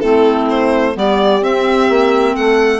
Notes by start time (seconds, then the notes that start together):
0.00 A3 C4 E4 A4
0.50 C5
0.94 G3 B3 G4 D5
1.42 C4 E5
1.89 A#3
2.36 A3 A4 F#5